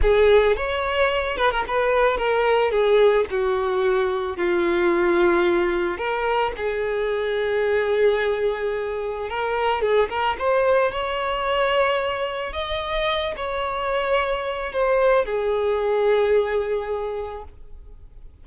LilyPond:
\new Staff \with { instrumentName = "violin" } { \time 4/4 \tempo 4 = 110 gis'4 cis''4. b'16 ais'16 b'4 | ais'4 gis'4 fis'2 | f'2. ais'4 | gis'1~ |
gis'4 ais'4 gis'8 ais'8 c''4 | cis''2. dis''4~ | dis''8 cis''2~ cis''8 c''4 | gis'1 | }